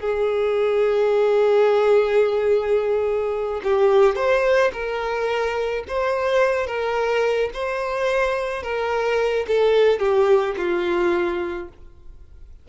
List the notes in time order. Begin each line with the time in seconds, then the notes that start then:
0.00 G#4
3.64 G4
4.16 C5
4.73 A#4
5.88 C5
6.67 A#4
7.54 C5
8.63 A#4
9.47 A4
9.99 G4
10.57 F4